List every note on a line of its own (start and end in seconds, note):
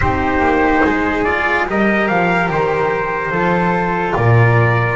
0.00 0.39 C4
0.00 1.25 D#4
0.00 0.84 G4
0.00 1.24 C5
0.39 0.80 A#3
0.84 1.67 G#3
0.84 1.68 G#4
1.24 1.66 F4
1.24 1.65 D5
1.66 2.09 G3
1.66 3.33 G4
1.66 3.31 A#4
1.66 2.07 D#5
2.07 2.49 F3
2.07 2.49 F5
2.49 3.30 D#3
2.49 4.16 C5
3.30 4.14 F3
3.30 4.96 F4
3.30 4.14 A4
4.15 4.96 A#2
4.15 4.96 A#4
4.15 4.96 D5